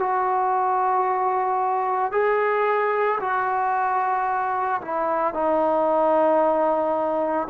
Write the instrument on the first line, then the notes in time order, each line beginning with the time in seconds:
trombone
0.00 F#4
2.12 G#4
3.20 F#4
4.82 E4
5.34 D#4